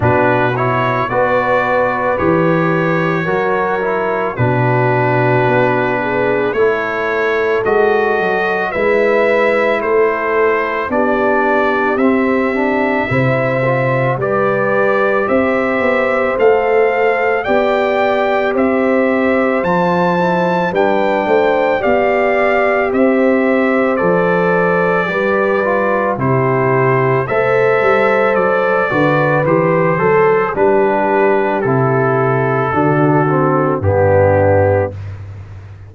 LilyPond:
<<
  \new Staff \with { instrumentName = "trumpet" } { \time 4/4 \tempo 4 = 55 b'8 cis''8 d''4 cis''2 | b'2 cis''4 dis''4 | e''4 c''4 d''4 e''4~ | e''4 d''4 e''4 f''4 |
g''4 e''4 a''4 g''4 | f''4 e''4 d''2 | c''4 e''4 d''4 c''4 | b'4 a'2 g'4 | }
  \new Staff \with { instrumentName = "horn" } { \time 4/4 fis'4 b'2 ais'4 | fis'4. gis'8 a'2 | b'4 a'4 g'2 | c''4 b'4 c''2 |
d''4 c''2 b'8 c''8 | d''4 c''2 b'4 | g'4 c''4. b'4 a'8 | g'2 fis'4 d'4 | }
  \new Staff \with { instrumentName = "trombone" } { \time 4/4 d'8 e'8 fis'4 g'4 fis'8 e'8 | d'2 e'4 fis'4 | e'2 d'4 c'8 d'8 | e'8 f'8 g'2 a'4 |
g'2 f'8 e'8 d'4 | g'2 a'4 g'8 f'8 | e'4 a'4. fis'8 g'8 a'8 | d'4 e'4 d'8 c'8 b4 | }
  \new Staff \with { instrumentName = "tuba" } { \time 4/4 b,4 b4 e4 fis4 | b,4 b4 a4 gis8 fis8 | gis4 a4 b4 c'4 | c4 g4 c'8 b8 a4 |
b4 c'4 f4 g8 a8 | b4 c'4 f4 g4 | c4 a8 g8 fis8 d8 e8 fis8 | g4 c4 d4 g,4 | }
>>